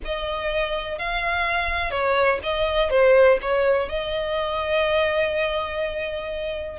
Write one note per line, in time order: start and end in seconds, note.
0.04 0.98 D#5
0.98 1.90 F5
1.90 2.39 C#5
2.43 2.89 D#5
2.89 3.38 C5
3.41 3.88 C#5
3.88 6.79 D#5